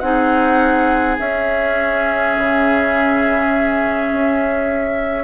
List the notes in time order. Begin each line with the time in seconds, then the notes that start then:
0.00 C4 D#4 G#4 F#5
1.19 C#4 E5
2.38 C#3
4.12 C#4